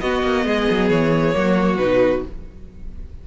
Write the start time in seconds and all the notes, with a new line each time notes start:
0.00 B3 F#4 D#5
0.23 A#3
0.45 G#3 G#4
0.70 F#3
0.89 E3 C#5
1.33 F#3 A#3 F#4
1.77 B2 D#4 B4